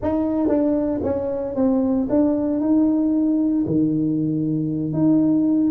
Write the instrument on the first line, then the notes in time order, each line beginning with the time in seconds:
tuba
0.01 D#4
0.48 D4
1.03 C#4
1.55 C4
2.09 D4
2.60 D#4
3.66 D#3
4.92 D#4